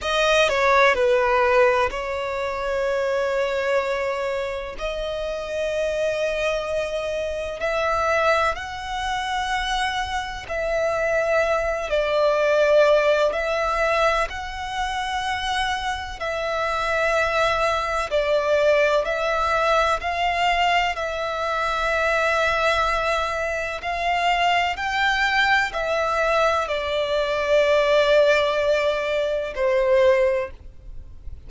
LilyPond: \new Staff \with { instrumentName = "violin" } { \time 4/4 \tempo 4 = 63 dis''8 cis''8 b'4 cis''2~ | cis''4 dis''2. | e''4 fis''2 e''4~ | e''8 d''4. e''4 fis''4~ |
fis''4 e''2 d''4 | e''4 f''4 e''2~ | e''4 f''4 g''4 e''4 | d''2. c''4 | }